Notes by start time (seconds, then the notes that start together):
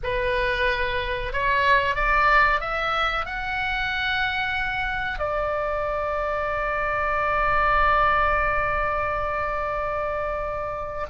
0.03 B4
1.32 C#5
1.95 D5
2.60 E5
3.25 F#5
5.18 D5